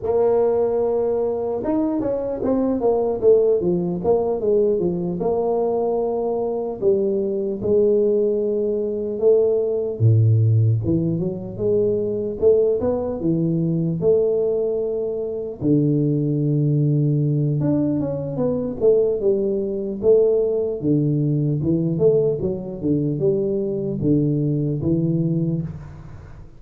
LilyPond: \new Staff \with { instrumentName = "tuba" } { \time 4/4 \tempo 4 = 75 ais2 dis'8 cis'8 c'8 ais8 | a8 f8 ais8 gis8 f8 ais4.~ | ais8 g4 gis2 a8~ | a8 a,4 e8 fis8 gis4 a8 |
b8 e4 a2 d8~ | d2 d'8 cis'8 b8 a8 | g4 a4 d4 e8 a8 | fis8 d8 g4 d4 e4 | }